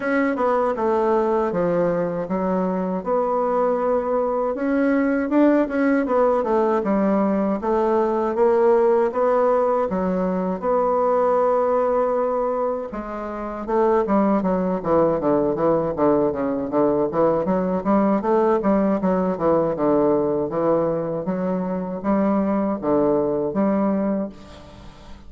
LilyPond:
\new Staff \with { instrumentName = "bassoon" } { \time 4/4 \tempo 4 = 79 cis'8 b8 a4 f4 fis4 | b2 cis'4 d'8 cis'8 | b8 a8 g4 a4 ais4 | b4 fis4 b2~ |
b4 gis4 a8 g8 fis8 e8 | d8 e8 d8 cis8 d8 e8 fis8 g8 | a8 g8 fis8 e8 d4 e4 | fis4 g4 d4 g4 | }